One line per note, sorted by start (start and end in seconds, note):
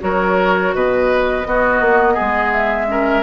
0.00 0.74 F#3
0.00 1.45 F#4
0.00 0.75 A#4
0.00 0.74 C#5
0.74 1.46 B2
0.74 1.47 B4
0.74 2.52 D#5
1.45 2.88 B3
1.45 1.81 B3
1.45 2.14 F#4
1.81 2.17 A#3
2.14 2.86 G#4
2.21 3.23 G#3
2.52 3.23 E5
2.88 3.23 C#4
2.88 3.23 A#4